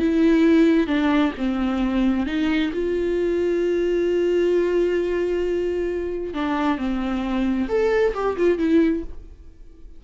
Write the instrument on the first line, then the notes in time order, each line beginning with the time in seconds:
viola
0.00 E4
0.87 D4
1.38 C4
2.27 D#4
2.73 F4
6.34 D4
6.78 C4
7.69 A4
8.15 G4
8.37 F4
8.59 E4